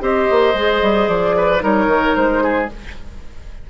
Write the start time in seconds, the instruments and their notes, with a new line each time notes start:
0.00 bassoon C4, clarinet G4, oboe C5, flute D#5
0.30 bassoon A#3
0.54 bassoon G#3, clarinet G#4
0.81 bassoon G3
1.07 bassoon F3, flute D5
1.36 oboe B4
1.59 bassoon G3, clarinet D#4, oboe A#4, flute C#5
1.86 bassoon D#3
2.16 bassoon G#3, flute C5
2.43 oboe G#4